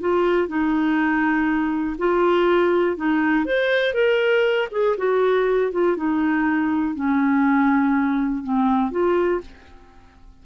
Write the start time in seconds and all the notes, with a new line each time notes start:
0.00 F4
0.48 D#4
1.98 F4
2.97 D#4
3.45 C5
3.94 A#4
4.71 G#4
4.97 F#4
5.72 F4
5.97 D#4
6.95 C#4
8.43 C4
8.91 F4